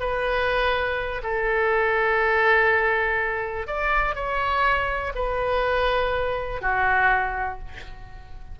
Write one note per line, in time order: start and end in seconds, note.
0.00 1.22 B4
1.23 3.67 A4
3.67 4.15 D5
4.15 5.13 C#5
5.15 6.62 B4
6.62 7.59 F#4